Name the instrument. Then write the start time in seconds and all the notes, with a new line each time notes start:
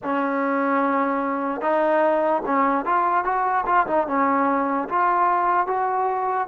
trombone
0.03 C#4
1.61 D#4
2.45 C#4
2.85 F4
3.24 F#4
3.66 F4
3.87 D#4
4.07 C#4
4.89 F4
5.66 F#4